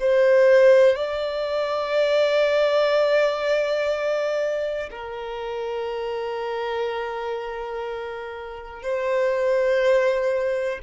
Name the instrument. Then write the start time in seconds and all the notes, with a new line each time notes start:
violin
0.00 C5
0.96 D5
4.90 A#4
8.83 C5